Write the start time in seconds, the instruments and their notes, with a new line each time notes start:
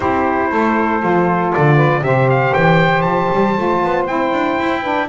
0.00 double bass C4, saxophone E4 G4, trumpet C5
0.50 double bass A3, saxophone A4
1.00 double bass F3, saxophone F4
1.52 double bass D3, trumpet D5
1.75 saxophone B4
2.01 double bass C3, saxophone G4 C5, trumpet E5
2.29 trumpet F5
2.54 double bass E3, trumpet G5
3.01 double bass F3, trumpet A5
3.33 double bass G3
3.56 double bass A3, saxophone F4
3.83 double bass B3
4.06 double bass C4, saxophone E4, trumpet G5
4.32 double bass D4
4.59 double bass E4
4.81 saxophone D4 B4